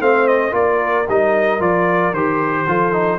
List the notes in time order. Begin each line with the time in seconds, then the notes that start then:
0.00 A3 C4 C5 F5
0.27 D#5
0.51 A#3 F4 A#4 D5
1.08 G3 D#4 D#5
1.59 F3 F4 D5
2.12 D#3 G4 C5
2.67 F3 F4 A4
2.92 D#4